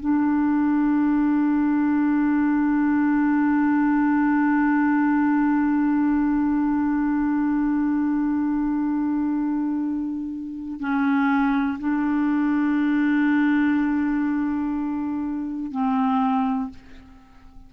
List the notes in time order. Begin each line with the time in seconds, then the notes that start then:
0.00 D4
10.80 C#4
11.79 D4
15.72 C4